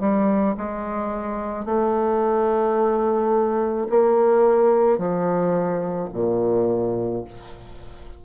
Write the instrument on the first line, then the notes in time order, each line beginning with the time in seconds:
bassoon
0.00 G3
0.58 G#3
1.66 A3
3.90 A#3
4.98 F3
6.14 A#2